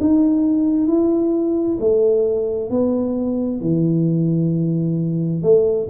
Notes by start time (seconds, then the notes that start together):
0.00 D#4
0.87 E4
1.80 A3
2.70 B3
3.60 E3
5.42 A3